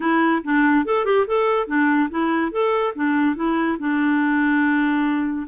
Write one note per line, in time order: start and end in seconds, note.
0.00 0.42 E4
0.44 0.85 D4
0.85 1.05 A4
1.05 1.26 G4
1.26 1.67 A4
1.67 2.09 D4
2.10 2.51 E4
2.51 2.93 A4
2.95 3.35 D4
3.35 3.77 E4
3.79 5.47 D4